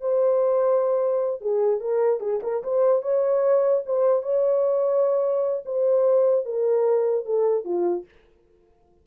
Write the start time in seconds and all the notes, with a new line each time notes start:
0.00 C5
1.41 G#4
1.80 A#4
2.20 G#4
2.42 A#4
2.63 C5
3.02 C#5
3.85 C5
4.22 C#5
5.65 C5
6.45 A#4
7.25 A4
7.64 F4